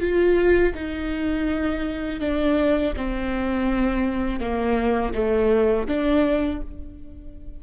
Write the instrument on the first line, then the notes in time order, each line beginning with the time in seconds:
viola
0.00 F4
0.75 D#4
2.20 D4
2.96 C4
4.40 A#3
5.14 A3
5.88 D4